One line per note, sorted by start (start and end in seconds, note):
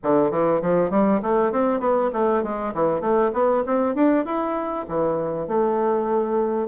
0.03 0.31 D3
0.31 0.61 E3
0.61 0.90 F3
0.90 1.20 G3
1.22 1.52 A3
1.52 1.80 C4
1.80 2.10 B3
2.12 2.43 A3
2.43 2.73 G#3
2.74 3.00 E3
3.00 3.31 A3
3.33 3.63 B3
3.65 3.94 C4
3.94 4.25 D4
4.25 4.86 E4
4.88 5.47 E3
5.47 6.68 A3